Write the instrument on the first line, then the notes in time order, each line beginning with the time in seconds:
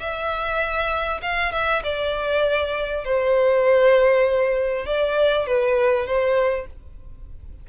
violin
0.00 E5
1.22 F5
1.52 E5
1.83 D5
3.05 C5
4.86 D5
5.47 B4
6.06 C5